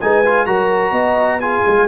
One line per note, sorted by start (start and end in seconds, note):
0.00 0.47 G#3
0.00 0.24 D#4
0.00 0.46 B4
0.00 0.46 G#5
0.25 0.46 F4
0.46 0.91 F#3
0.46 1.41 F#4
0.46 0.92 A#4
0.46 1.40 A#5
0.91 1.62 B3
0.91 1.39 D#5
1.40 1.88 F4
1.40 1.88 G#4
1.40 1.87 G#5
1.66 1.88 G#3